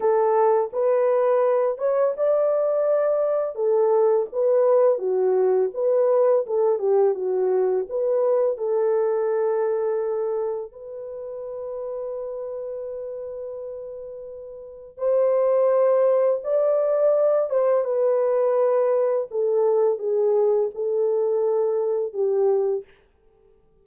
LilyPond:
\new Staff \with { instrumentName = "horn" } { \time 4/4 \tempo 4 = 84 a'4 b'4. cis''8 d''4~ | d''4 a'4 b'4 fis'4 | b'4 a'8 g'8 fis'4 b'4 | a'2. b'4~ |
b'1~ | b'4 c''2 d''4~ | d''8 c''8 b'2 a'4 | gis'4 a'2 g'4 | }